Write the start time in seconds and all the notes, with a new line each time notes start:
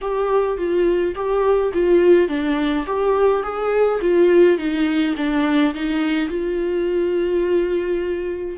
0.01 G4
0.57 F4
1.15 G4
1.73 F4
2.28 D4
2.86 G4
3.42 G#4
4.01 F4
4.58 D#4
5.16 D4
5.74 D#4
6.29 F4